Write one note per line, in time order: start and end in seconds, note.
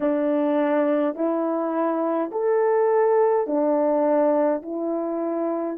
0.00 1.15 D4
1.15 2.30 E4
2.31 3.46 A4
3.46 4.62 D4
4.62 5.77 E4